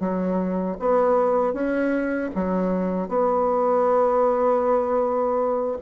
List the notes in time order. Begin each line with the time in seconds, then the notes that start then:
0.00 F#3
0.80 B3
1.53 C#4
2.35 F#3
3.09 B3